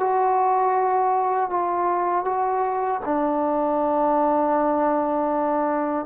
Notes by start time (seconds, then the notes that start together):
0.00 F#4
1.50 F4
2.25 F#4
3.05 D4